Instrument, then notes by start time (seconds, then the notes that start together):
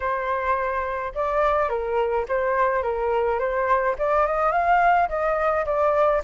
flute
0.00 C5
1.14 D5
1.69 A#4
2.28 C5
2.83 A#4
3.39 C5
3.98 D5
4.26 D#5
4.52 F5
5.08 D#5
5.65 D5